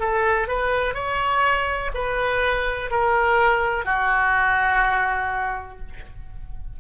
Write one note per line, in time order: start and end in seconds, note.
0.00 0.48 A4
0.48 0.94 B4
0.94 1.91 C#5
1.94 2.90 B4
2.90 3.85 A#4
3.85 5.78 F#4